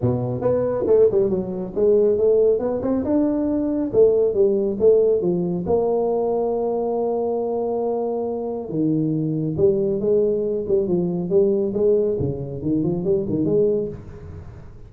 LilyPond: \new Staff \with { instrumentName = "tuba" } { \time 4/4 \tempo 4 = 138 b,4 b4 a8 g8 fis4 | gis4 a4 b8 c'8 d'4~ | d'4 a4 g4 a4 | f4 ais2.~ |
ais1 | dis2 g4 gis4~ | gis8 g8 f4 g4 gis4 | cis4 dis8 f8 g8 dis8 gis4 | }